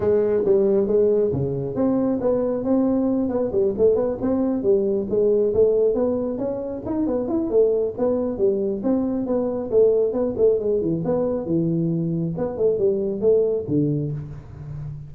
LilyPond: \new Staff \with { instrumentName = "tuba" } { \time 4/4 \tempo 4 = 136 gis4 g4 gis4 cis4 | c'4 b4 c'4. b8 | g8 a8 b8 c'4 g4 gis8~ | gis8 a4 b4 cis'4 dis'8 |
b8 e'8 a4 b4 g4 | c'4 b4 a4 b8 a8 | gis8 e8 b4 e2 | b8 a8 g4 a4 d4 | }